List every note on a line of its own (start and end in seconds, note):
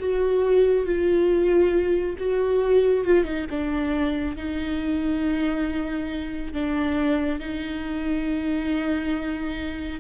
0.00 0.86 F#4
0.86 2.17 F4
2.19 3.05 F#4
3.05 3.25 F4
3.25 3.47 D#4
3.51 4.37 D4
4.37 6.54 D#4
6.54 7.40 D4
7.40 10.00 D#4